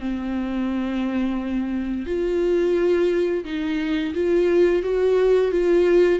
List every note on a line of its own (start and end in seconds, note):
0.00 2.07 C4
2.07 3.45 F4
3.45 4.14 D#4
4.15 4.83 F4
4.83 5.52 F#4
5.52 6.20 F4